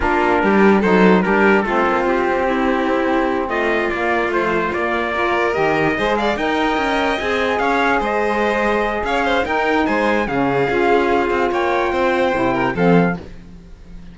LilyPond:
<<
  \new Staff \with { instrumentName = "trumpet" } { \time 4/4 \tempo 4 = 146 ais'2 c''4 ais'4 | a'4 g'2.~ | g'8 dis''4 d''4 c''4 d''8~ | d''4. dis''4. f''8 g''8~ |
g''4. gis''4 f''4 dis''8~ | dis''2 f''4 g''4 | gis''4 f''2. | g''2. f''4 | }
  \new Staff \with { instrumentName = "violin" } { \time 4/4 f'4 g'4 a'4 g'4 | f'2 e'2~ | e'8 f'2.~ f'8~ | f'8 ais'2 c''8 d''8 dis''8~ |
dis''2~ dis''8 cis''4 c''8~ | c''2 cis''8 c''8 ais'4 | c''4 gis'2. | cis''4 c''4. ais'8 a'4 | }
  \new Staff \with { instrumentName = "saxophone" } { \time 4/4 d'2 dis'4 d'4 | c'1~ | c'4. ais4 f4 ais8~ | ais8 f'4 g'4 gis'4 ais'8~ |
ais'4. gis'2~ gis'8~ | gis'2. dis'4~ | dis'4 cis'4 f'2~ | f'2 e'4 c'4 | }
  \new Staff \with { instrumentName = "cello" } { \time 4/4 ais4 g4 fis4 g4 | a8 ais8 c'2.~ | c'8 a4 ais4 a4 ais8~ | ais4. dis4 gis4 dis'8~ |
dis'8 cis'4 c'4 cis'4 gis8~ | gis2 cis'4 dis'4 | gis4 cis4 cis'4. c'8 | ais4 c'4 c4 f4 | }
>>